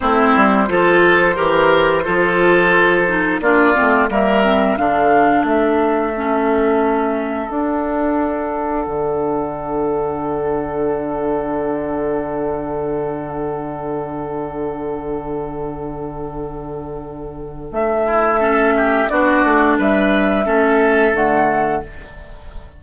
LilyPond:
<<
  \new Staff \with { instrumentName = "flute" } { \time 4/4 \tempo 4 = 88 c''1~ | c''4 d''4 e''4 f''4 | e''2. fis''4~ | fis''1~ |
fis''1~ | fis''1~ | fis''2 e''2 | d''4 e''2 fis''4 | }
  \new Staff \with { instrumentName = "oboe" } { \time 4/4 e'4 a'4 ais'4 a'4~ | a'4 f'4 ais'4 a'4~ | a'1~ | a'1~ |
a'1~ | a'1~ | a'2~ a'8 e'8 a'8 g'8 | fis'4 b'4 a'2 | }
  \new Staff \with { instrumentName = "clarinet" } { \time 4/4 c'4 f'4 g'4 f'4~ | f'8 dis'8 d'8 c'8 ais8 c'8 d'4~ | d'4 cis'2 d'4~ | d'1~ |
d'1~ | d'1~ | d'2. cis'4 | d'2 cis'4 a4 | }
  \new Staff \with { instrumentName = "bassoon" } { \time 4/4 a8 g8 f4 e4 f4~ | f4 ais8 a8 g4 d4 | a2. d'4~ | d'4 d2.~ |
d1~ | d1~ | d2 a2 | b8 a8 g4 a4 d4 | }
>>